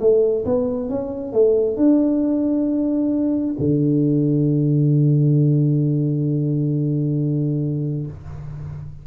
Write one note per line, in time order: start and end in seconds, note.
0.00 0.45 A3
0.45 0.90 B3
0.90 1.33 C#4
1.33 1.77 A3
1.77 3.56 D4
3.59 8.07 D3